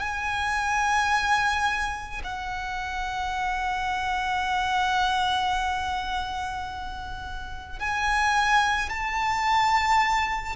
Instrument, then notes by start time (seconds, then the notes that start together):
violin
0.00 G#5
2.24 F#5
7.79 G#5
8.90 A5